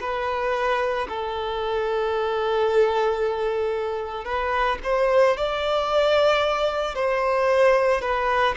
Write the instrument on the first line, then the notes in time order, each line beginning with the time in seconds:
violin
0.00 B4
1.09 A4
4.25 B4
4.84 C5
5.37 D5
6.95 C5
8.02 B4